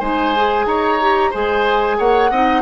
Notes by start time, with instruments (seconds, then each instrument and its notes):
0.00 bassoon G#3, clarinet D#4, oboe C5, flute G#5
0.36 clarinet G#4
0.66 bassoon D#4, oboe C#5, flute A#5
1.01 clarinet G4
1.30 bassoon G#3, clarinet G#4, oboe C5, flute G#5
1.99 bassoon A#3, oboe C#5, flute F#5
2.31 bassoon C4, clarinet D#4, oboe D#5